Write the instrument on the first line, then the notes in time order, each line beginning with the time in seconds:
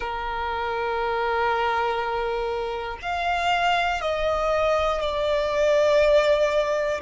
violin
0.00 A#4
3.01 F5
4.01 D#5
5.00 D5